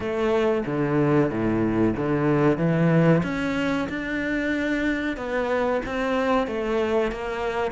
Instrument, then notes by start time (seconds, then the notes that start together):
cello
0.00 A3
0.65 D3
1.30 A2
1.96 D3
2.57 E3
3.23 C#4
3.89 D4
5.16 B3
5.85 C4
6.47 A3
7.11 A#3